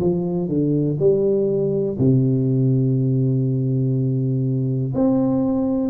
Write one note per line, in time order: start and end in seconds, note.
0.00 0.48 F3
0.48 0.97 D3
0.99 1.97 G3
1.98 4.93 C3
4.94 5.90 C4